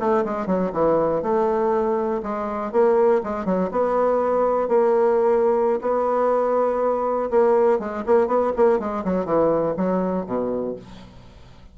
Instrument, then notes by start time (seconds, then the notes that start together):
bassoon
0.00 A3
0.25 G#3
0.47 F#3
0.73 E3
1.23 A3
2.23 G#3
2.72 A#3
3.24 G#3
3.45 F#3
3.71 B3
4.69 A#3
5.82 B3
7.30 A#3
7.79 G#3
8.06 A#3
8.27 B3
8.57 A#3
8.79 G#3
9.05 F#3
9.25 E3
9.77 F#3
10.26 B2